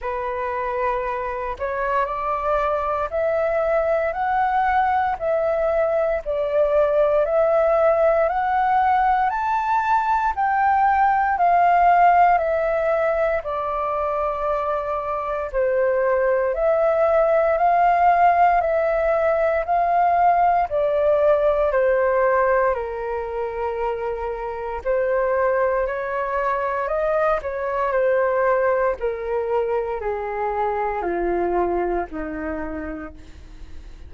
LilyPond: \new Staff \with { instrumentName = "flute" } { \time 4/4 \tempo 4 = 58 b'4. cis''8 d''4 e''4 | fis''4 e''4 d''4 e''4 | fis''4 a''4 g''4 f''4 | e''4 d''2 c''4 |
e''4 f''4 e''4 f''4 | d''4 c''4 ais'2 | c''4 cis''4 dis''8 cis''8 c''4 | ais'4 gis'4 f'4 dis'4 | }